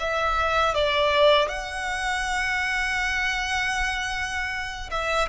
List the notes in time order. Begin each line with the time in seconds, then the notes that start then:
0.00 E5
0.75 D5
1.49 F#5
4.91 E5